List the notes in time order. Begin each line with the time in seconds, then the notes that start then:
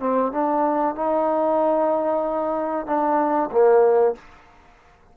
0.00 C4
0.32 D4
0.95 D#4
2.86 D4
3.51 A#3